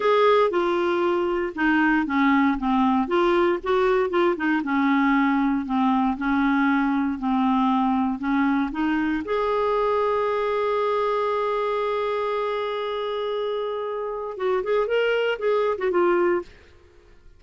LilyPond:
\new Staff \with { instrumentName = "clarinet" } { \time 4/4 \tempo 4 = 117 gis'4 f'2 dis'4 | cis'4 c'4 f'4 fis'4 | f'8 dis'8 cis'2 c'4 | cis'2 c'2 |
cis'4 dis'4 gis'2~ | gis'1~ | gis'1 | fis'8 gis'8 ais'4 gis'8. fis'16 f'4 | }